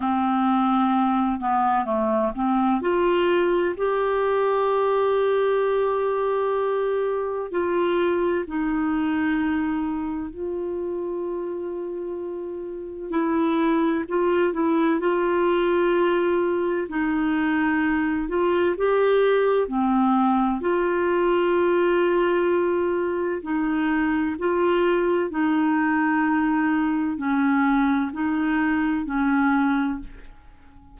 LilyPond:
\new Staff \with { instrumentName = "clarinet" } { \time 4/4 \tempo 4 = 64 c'4. b8 a8 c'8 f'4 | g'1 | f'4 dis'2 f'4~ | f'2 e'4 f'8 e'8 |
f'2 dis'4. f'8 | g'4 c'4 f'2~ | f'4 dis'4 f'4 dis'4~ | dis'4 cis'4 dis'4 cis'4 | }